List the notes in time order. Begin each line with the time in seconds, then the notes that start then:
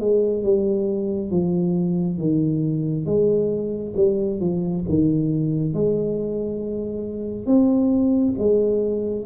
0.00 G#3
0.44 G3
1.31 F3
2.19 D#3
3.06 G#3
3.96 G3
4.40 F3
4.89 D#3
5.74 G#3
7.47 C4
8.39 G#3